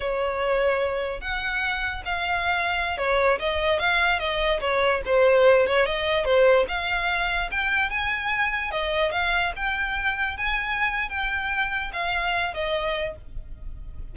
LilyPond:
\new Staff \with { instrumentName = "violin" } { \time 4/4 \tempo 4 = 146 cis''2. fis''4~ | fis''4 f''2~ f''16 cis''8.~ | cis''16 dis''4 f''4 dis''4 cis''8.~ | cis''16 c''4. cis''8 dis''4 c''8.~ |
c''16 f''2 g''4 gis''8.~ | gis''4~ gis''16 dis''4 f''4 g''8.~ | g''4~ g''16 gis''4.~ gis''16 g''4~ | g''4 f''4. dis''4. | }